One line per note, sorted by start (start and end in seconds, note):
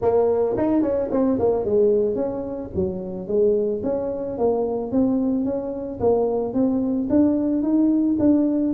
0.01 0.56 A#3
0.57 0.82 D#4
0.82 1.09 C#4
1.11 1.38 C4
1.39 1.65 A#3
1.65 2.15 G#3
2.15 2.69 C#4
2.75 3.27 F#3
3.27 3.82 G#3
3.83 4.38 C#4
4.38 4.91 A#3
4.91 5.44 C4
5.44 5.99 C#4
6.00 6.53 A#3
6.53 7.08 C4
7.09 7.62 D4
7.62 8.16 D#4
8.19 8.73 D4